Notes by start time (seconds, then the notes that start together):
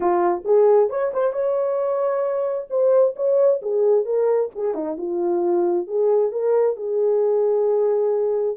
0.00 F4
0.44 G#4
0.89 C#5
1.13 C5
1.32 C#5
2.69 C5
3.16 C#5
3.62 G#4
4.05 A#4
4.55 G#4
4.74 D#4
4.97 F4
5.87 G#4
6.31 A#4
6.76 G#4